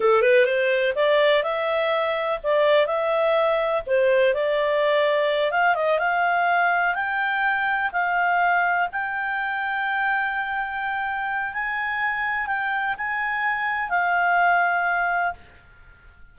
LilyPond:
\new Staff \with { instrumentName = "clarinet" } { \time 4/4 \tempo 4 = 125 a'8 b'8 c''4 d''4 e''4~ | e''4 d''4 e''2 | c''4 d''2~ d''8 f''8 | dis''8 f''2 g''4.~ |
g''8 f''2 g''4.~ | g''1 | gis''2 g''4 gis''4~ | gis''4 f''2. | }